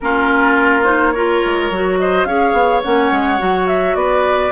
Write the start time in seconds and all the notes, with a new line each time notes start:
0.01 A#3 C#4 F4 A#4
0.84 D#4 C5
1.11 F4 A#4 C#5
1.45 G#3
1.70 F#3 F#4
1.98 C5 D#5
2.24 C#4 G#4 C#5 F5
2.52 B3
2.82 A#3 C#4 F#5
3.11 G#3
3.38 F#3 F#4
3.67 E5
3.94 B3 B4 D5